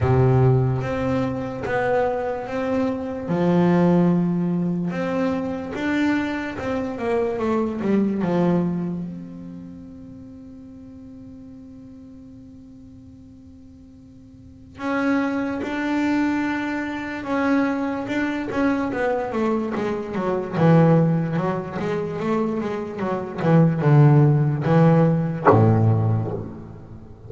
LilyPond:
\new Staff \with { instrumentName = "double bass" } { \time 4/4 \tempo 4 = 73 c4 c'4 b4 c'4 | f2 c'4 d'4 | c'8 ais8 a8 g8 f4 c'4~ | c'1~ |
c'2 cis'4 d'4~ | d'4 cis'4 d'8 cis'8 b8 a8 | gis8 fis8 e4 fis8 gis8 a8 gis8 | fis8 e8 d4 e4 a,4 | }